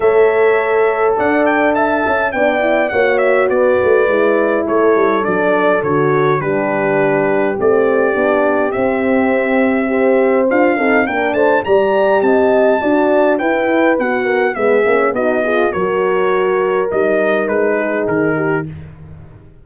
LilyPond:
<<
  \new Staff \with { instrumentName = "trumpet" } { \time 4/4 \tempo 4 = 103 e''2 fis''8 g''8 a''4 | g''4 fis''8 e''8 d''2 | cis''4 d''4 cis''4 b'4~ | b'4 d''2 e''4~ |
e''2 f''4 g''8 a''8 | ais''4 a''2 g''4 | fis''4 e''4 dis''4 cis''4~ | cis''4 dis''4 b'4 ais'4 | }
  \new Staff \with { instrumentName = "horn" } { \time 4/4 cis''2 d''4 e''4 | d''4 cis''4 b'2 | a'2. g'4~ | g'1~ |
g'4 c''4. a'8 ais'8 c''8 | d''4 dis''4 d''4 b'4~ | b'8 ais'8 gis'4 fis'8 gis'8 ais'4~ | ais'2~ ais'8 gis'4 g'8 | }
  \new Staff \with { instrumentName = "horn" } { \time 4/4 a'1 | d'8 e'8 fis'2 e'4~ | e'4 d'4 fis'4 d'4~ | d'4 c'4 d'4 c'4~ |
c'4 g'4 f'8 dis'8 d'4 | g'2 fis'4 e'4 | fis'4 b8 cis'8 dis'8 f'8 fis'4~ | fis'4 dis'2. | }
  \new Staff \with { instrumentName = "tuba" } { \time 4/4 a2 d'4. cis'8 | b4 ais4 b8 a8 gis4 | a8 g8 fis4 d4 g4~ | g4 a4 b4 c'4~ |
c'2 d'8 c'8 ais8 a8 | g4 c'4 d'4 e'4 | b4 gis8 ais8 b4 fis4~ | fis4 g4 gis4 dis4 | }
>>